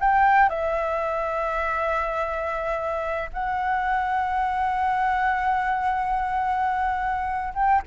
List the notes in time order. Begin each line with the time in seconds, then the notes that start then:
0.00 G5
0.49 E5
3.33 F#5
7.54 G5